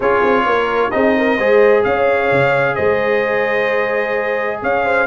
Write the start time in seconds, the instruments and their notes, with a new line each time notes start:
0.00 tuba C#4, trombone F4, horn G#4, trumpet C#5
0.23 tuba C4
0.45 tuba A#3, horn A#4
0.90 tuba C4, trombone D#4, horn G#4, trumpet D#5
1.17 horn A#4
1.37 tuba G#3, trombone G#4, horn C5
1.84 tuba C#4, horn C#5, trumpet F5
2.31 tuba C#3
2.75 tuba G#3, horn C5, trumpet D#5
4.62 tuba C#4, horn C#5, trumpet F5
4.85 horn C5